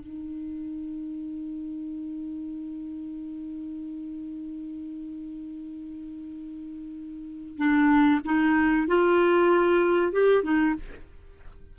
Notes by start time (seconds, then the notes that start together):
0.00 D#4
7.57 D4
8.24 D#4
8.88 F4
10.13 G4
10.43 D#4